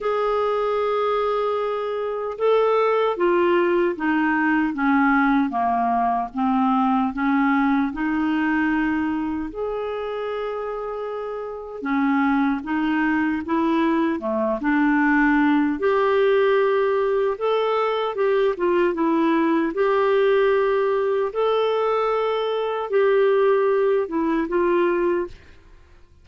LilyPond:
\new Staff \with { instrumentName = "clarinet" } { \time 4/4 \tempo 4 = 76 gis'2. a'4 | f'4 dis'4 cis'4 ais4 | c'4 cis'4 dis'2 | gis'2. cis'4 |
dis'4 e'4 a8 d'4. | g'2 a'4 g'8 f'8 | e'4 g'2 a'4~ | a'4 g'4. e'8 f'4 | }